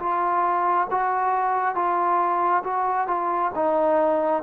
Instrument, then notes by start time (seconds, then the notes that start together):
trombone
0.00 F4
0.91 F#4
1.75 F4
2.64 F#4
3.08 F4
3.56 D#4